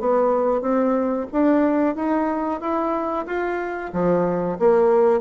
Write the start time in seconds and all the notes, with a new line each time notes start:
0.00 B3
0.62 C4
1.33 D4
1.96 D#4
2.61 E4
3.27 F4
3.94 F3
4.59 A#3